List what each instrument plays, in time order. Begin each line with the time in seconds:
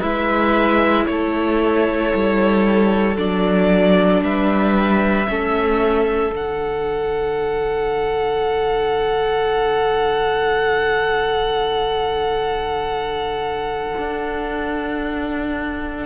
0.00 cello G#3, viola E4, violin B4 E5
1.06 cello A3, violin A4 C#5
2.14 cello G3
3.16 cello F#3, viola D4, violin D5
4.22 cello G3, violin B4 E5
5.28 cello A3, viola C#4, violin A4
6.30 cello D3, viola D4
6.36 violin F#5
13.98 cello D4